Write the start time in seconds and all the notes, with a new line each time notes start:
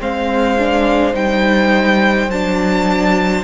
0.00 G#3 C4 C5 F5
0.59 D4
1.14 G3 D#4 G5
2.28 F#3 D4 A5